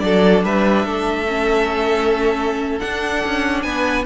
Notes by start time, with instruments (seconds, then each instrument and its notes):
0.00 cello F#3, viola D4, violin A4 D5
0.44 cello G3, violin B4 E5
0.85 cello A3, violin A4
1.28 viola C#4
2.80 viola D4, cello D4, violin F#5
3.26 cello C#4
3.62 cello B3, violin B4 G#5